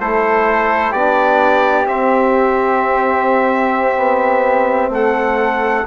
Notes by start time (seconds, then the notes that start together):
0.00 A3 E4 A4 C5
0.91 B3 D4 G4 D5
1.86 C4 E5
3.97 B3
4.89 A3 A4 F#5